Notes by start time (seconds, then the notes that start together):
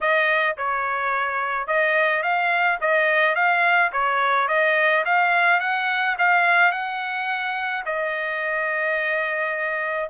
0.00 D#5
0.57 C#5
1.67 D#5
2.22 F5
2.80 D#5
3.35 F5
3.92 C#5
4.48 D#5
5.05 F5
5.60 F#5
6.18 F5
6.71 F#5
7.85 D#5